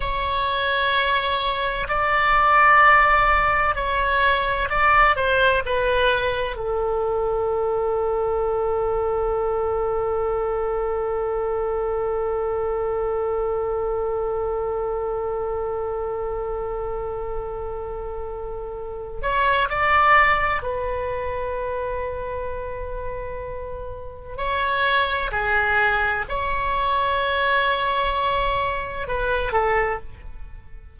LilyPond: \new Staff \with { instrumentName = "oboe" } { \time 4/4 \tempo 4 = 64 cis''2 d''2 | cis''4 d''8 c''8 b'4 a'4~ | a'1~ | a'1~ |
a'1~ | a'8 cis''8 d''4 b'2~ | b'2 cis''4 gis'4 | cis''2. b'8 a'8 | }